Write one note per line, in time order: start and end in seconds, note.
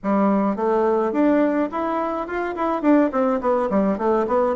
0.03 0.56 G3
0.56 1.12 A3
1.12 1.69 D4
1.71 2.27 E4
2.27 2.55 F4
2.55 2.82 E4
2.82 3.10 D4
3.12 3.40 C4
3.40 3.69 B3
3.69 3.98 G3
3.98 4.26 A3
4.27 4.55 B3